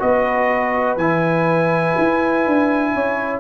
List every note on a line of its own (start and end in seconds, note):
0.00 0.97 B3
0.00 0.98 F#4
0.00 2.94 B4
0.00 0.98 D#5
0.97 1.95 E3
0.97 3.40 E4
0.97 3.40 G#5
1.98 2.47 E4
2.47 2.96 D4
2.94 3.40 C#4
2.94 3.40 C#5